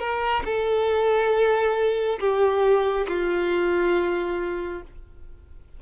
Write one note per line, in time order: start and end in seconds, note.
0.00 0.43 A#4
0.45 2.19 A4
2.20 3.07 G4
3.08 4.82 F4